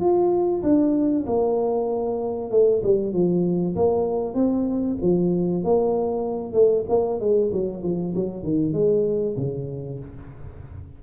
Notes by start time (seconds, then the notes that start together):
0.00 F4
0.63 D4
1.26 A#3
2.51 A3
2.83 G3
3.13 F3
3.76 A#3
4.34 C4
5.01 F3
5.63 A#3
6.53 A3
6.89 A#3
7.20 G#3
7.52 F#3
7.83 F3
8.15 F#3
8.43 D#3
8.73 G#3
9.37 C#3